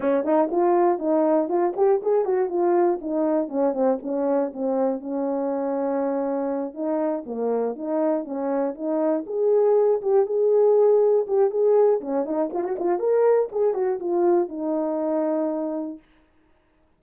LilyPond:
\new Staff \with { instrumentName = "horn" } { \time 4/4 \tempo 4 = 120 cis'8 dis'8 f'4 dis'4 f'8 g'8 | gis'8 fis'8 f'4 dis'4 cis'8 c'8 | cis'4 c'4 cis'2~ | cis'4. dis'4 ais4 dis'8~ |
dis'8 cis'4 dis'4 gis'4. | g'8 gis'2 g'8 gis'4 | cis'8 dis'8 f'16 fis'16 f'8 ais'4 gis'8 fis'8 | f'4 dis'2. | }